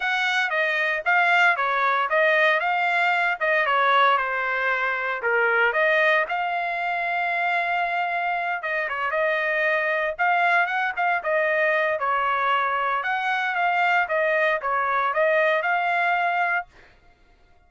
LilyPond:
\new Staff \with { instrumentName = "trumpet" } { \time 4/4 \tempo 4 = 115 fis''4 dis''4 f''4 cis''4 | dis''4 f''4. dis''8 cis''4 | c''2 ais'4 dis''4 | f''1~ |
f''8 dis''8 cis''8 dis''2 f''8~ | f''8 fis''8 f''8 dis''4. cis''4~ | cis''4 fis''4 f''4 dis''4 | cis''4 dis''4 f''2 | }